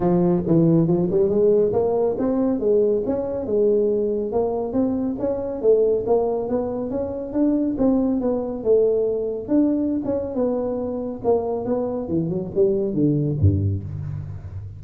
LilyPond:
\new Staff \with { instrumentName = "tuba" } { \time 4/4 \tempo 4 = 139 f4 e4 f8 g8 gis4 | ais4 c'4 gis4 cis'4 | gis2 ais4 c'4 | cis'4 a4 ais4 b4 |
cis'4 d'4 c'4 b4 | a2 d'4~ d'16 cis'8. | b2 ais4 b4 | e8 fis8 g4 d4 g,4 | }